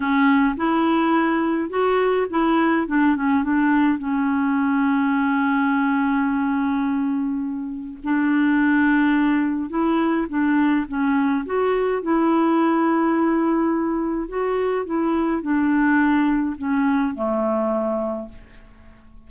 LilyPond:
\new Staff \with { instrumentName = "clarinet" } { \time 4/4 \tempo 4 = 105 cis'4 e'2 fis'4 | e'4 d'8 cis'8 d'4 cis'4~ | cis'1~ | cis'2 d'2~ |
d'4 e'4 d'4 cis'4 | fis'4 e'2.~ | e'4 fis'4 e'4 d'4~ | d'4 cis'4 a2 | }